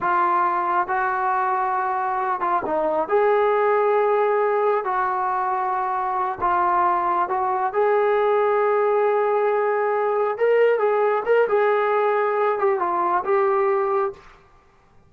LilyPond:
\new Staff \with { instrumentName = "trombone" } { \time 4/4 \tempo 4 = 136 f'2 fis'2~ | fis'4. f'8 dis'4 gis'4~ | gis'2. fis'4~ | fis'2~ fis'8 f'4.~ |
f'8 fis'4 gis'2~ gis'8~ | gis'2.~ gis'8 ais'8~ | ais'8 gis'4 ais'8 gis'2~ | gis'8 g'8 f'4 g'2 | }